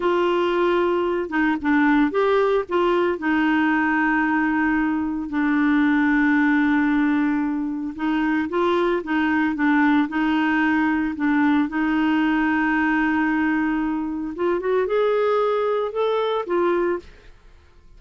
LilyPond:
\new Staff \with { instrumentName = "clarinet" } { \time 4/4 \tempo 4 = 113 f'2~ f'8 dis'8 d'4 | g'4 f'4 dis'2~ | dis'2 d'2~ | d'2. dis'4 |
f'4 dis'4 d'4 dis'4~ | dis'4 d'4 dis'2~ | dis'2. f'8 fis'8 | gis'2 a'4 f'4 | }